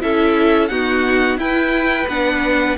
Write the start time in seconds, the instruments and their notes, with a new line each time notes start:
0.00 cello C#4, viola E4, violin A4 E5
0.67 viola B3, cello D#4, violin F#4 F#5
1.37 cello E4, viola E4, violin B4 G5
2.07 cello B3, viola D4, violin F#5